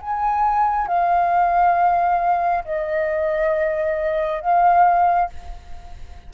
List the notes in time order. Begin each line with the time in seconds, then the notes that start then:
0.00 G#5
0.87 F5
2.64 D#5
4.41 F5